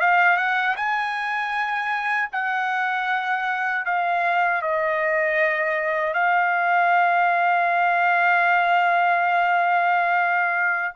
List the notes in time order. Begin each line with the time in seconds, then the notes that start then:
0.00 F5
0.37 F#5
0.76 G#5
2.32 F#5
3.85 F5
4.62 D#5
6.14 F5